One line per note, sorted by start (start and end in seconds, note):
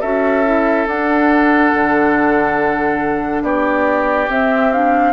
0.00 0.86 C#4
0.00 0.44 F#4
0.00 3.43 A4
0.00 0.86 E5
0.44 0.87 E4
0.86 1.72 D4
0.86 4.28 D4
0.86 3.43 F#5
1.73 3.42 D3
3.42 4.28 B3
3.42 5.13 G4
3.42 4.29 D5
4.28 4.71 C4
4.28 5.13 C4
4.28 4.72 E5
4.72 5.13 D4
4.72 5.13 F5